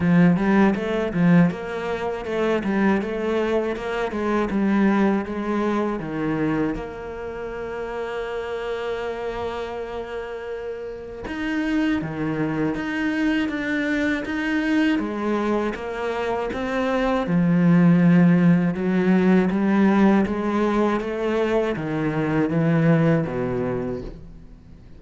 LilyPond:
\new Staff \with { instrumentName = "cello" } { \time 4/4 \tempo 4 = 80 f8 g8 a8 f8 ais4 a8 g8 | a4 ais8 gis8 g4 gis4 | dis4 ais2.~ | ais2. dis'4 |
dis4 dis'4 d'4 dis'4 | gis4 ais4 c'4 f4~ | f4 fis4 g4 gis4 | a4 dis4 e4 b,4 | }